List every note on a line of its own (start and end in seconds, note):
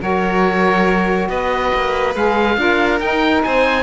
0.00 1.29 F#3
0.00 2.13 F#4
0.00 1.28 A#4
0.00 1.29 C#5
1.29 1.71 B3
1.29 2.57 B4
1.29 2.14 D#5
1.75 2.15 A#3
2.15 2.57 G#3
2.15 2.56 G#4
2.15 3.00 F5
2.56 3.00 D4
2.56 2.99 F4
2.56 3.45 A#4
3.00 3.43 D#4
3.00 3.83 D#4
3.00 3.43 G5
3.43 3.83 C4
3.43 3.83 C5
3.43 3.83 G#5